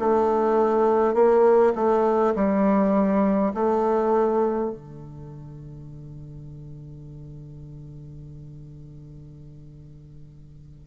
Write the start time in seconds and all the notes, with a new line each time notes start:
0.00 A3
1.14 A#3
1.76 A3
2.35 G3
3.55 A3
4.71 D3